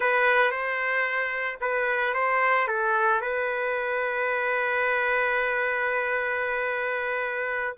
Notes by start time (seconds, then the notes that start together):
0.00 B4
0.51 C5
1.60 B4
2.14 C5
2.67 A4
3.21 B4